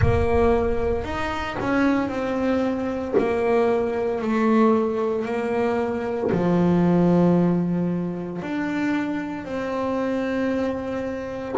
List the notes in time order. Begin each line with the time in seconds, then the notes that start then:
0.00 A#3
1.03 D#4
1.59 C#4
2.09 C4
3.18 A#3
4.21 A3
5.25 A#3
6.31 F3
8.42 D4
9.44 C4